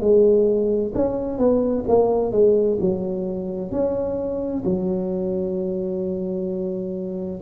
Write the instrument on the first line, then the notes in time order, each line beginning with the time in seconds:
tuba
0.00 G#3
0.94 C#4
1.38 B3
1.88 A#3
2.32 G#3
2.80 F#3
3.71 C#4
4.64 F#3